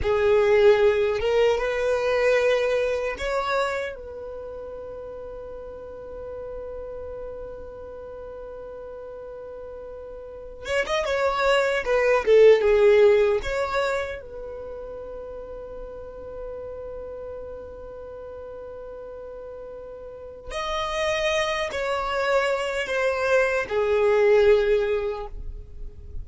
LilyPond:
\new Staff \with { instrumentName = "violin" } { \time 4/4 \tempo 4 = 76 gis'4. ais'8 b'2 | cis''4 b'2.~ | b'1~ | b'4. cis''16 dis''16 cis''4 b'8 a'8 |
gis'4 cis''4 b'2~ | b'1~ | b'2 dis''4. cis''8~ | cis''4 c''4 gis'2 | }